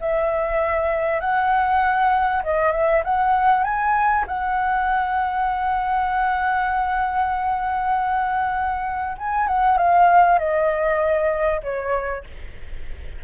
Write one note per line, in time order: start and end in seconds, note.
0.00 1.20 E5
1.20 2.42 F#5
2.43 2.72 D#5
2.72 3.03 E5
3.04 3.64 F#5
3.64 4.25 G#5
4.27 9.17 F#5
9.18 9.47 G#5
9.47 9.78 F#5
9.78 10.39 F5
10.39 11.61 D#5
11.63 12.24 C#5